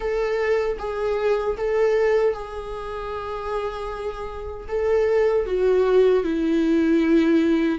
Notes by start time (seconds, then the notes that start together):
0.00 A4
0.78 G#4
1.57 A4
2.33 G#4
4.68 A4
5.45 F#4
6.23 E4